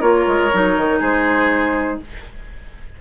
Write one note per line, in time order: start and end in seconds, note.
0.00 0.25 A#3
0.00 0.50 F4
0.00 0.98 A#4
0.00 0.99 C#5
0.26 0.51 G#3
0.53 0.76 F#3
0.53 2.00 D#4
0.76 1.01 D#3
0.99 1.99 G#3
0.99 1.97 G#4
0.99 2.00 C5